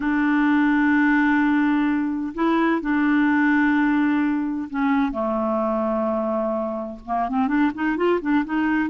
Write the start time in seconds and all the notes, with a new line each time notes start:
0.00 D4
2.34 E4
2.81 D4
4.70 C#4
5.11 A3
7.05 A#3
7.28 C4
7.47 D4
7.74 D#4
7.96 F4
8.21 D4
8.44 D#4